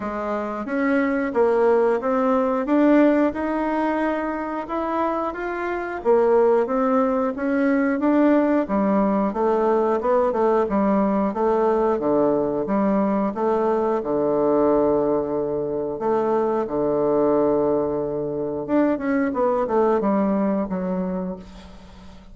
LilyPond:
\new Staff \with { instrumentName = "bassoon" } { \time 4/4 \tempo 4 = 90 gis4 cis'4 ais4 c'4 | d'4 dis'2 e'4 | f'4 ais4 c'4 cis'4 | d'4 g4 a4 b8 a8 |
g4 a4 d4 g4 | a4 d2. | a4 d2. | d'8 cis'8 b8 a8 g4 fis4 | }